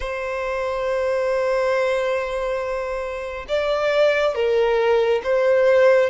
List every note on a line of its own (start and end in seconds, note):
0.00 3.46 C5
3.48 4.34 D5
4.34 5.21 A#4
5.23 6.09 C5